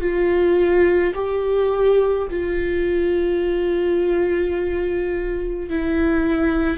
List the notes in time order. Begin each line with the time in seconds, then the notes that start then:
0.00 F4
1.14 G4
2.30 F4
5.69 E4